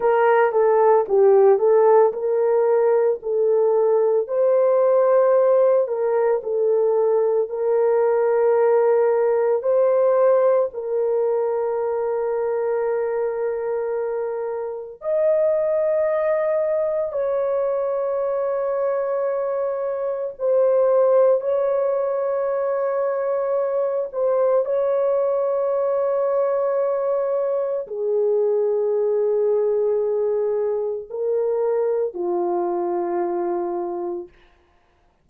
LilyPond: \new Staff \with { instrumentName = "horn" } { \time 4/4 \tempo 4 = 56 ais'8 a'8 g'8 a'8 ais'4 a'4 | c''4. ais'8 a'4 ais'4~ | ais'4 c''4 ais'2~ | ais'2 dis''2 |
cis''2. c''4 | cis''2~ cis''8 c''8 cis''4~ | cis''2 gis'2~ | gis'4 ais'4 f'2 | }